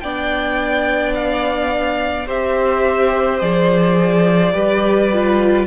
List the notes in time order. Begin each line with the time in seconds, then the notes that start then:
0.00 B3 D4 D5 G5
1.15 F5
2.27 C4 G4 C5 E5
3.39 F3 G#4 D5
4.53 G3 G4 B4
5.12 F4